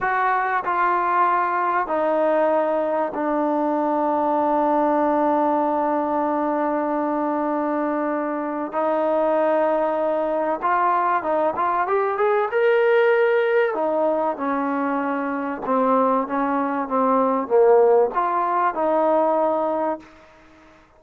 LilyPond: \new Staff \with { instrumentName = "trombone" } { \time 4/4 \tempo 4 = 96 fis'4 f'2 dis'4~ | dis'4 d'2.~ | d'1~ | d'2 dis'2~ |
dis'4 f'4 dis'8 f'8 g'8 gis'8 | ais'2 dis'4 cis'4~ | cis'4 c'4 cis'4 c'4 | ais4 f'4 dis'2 | }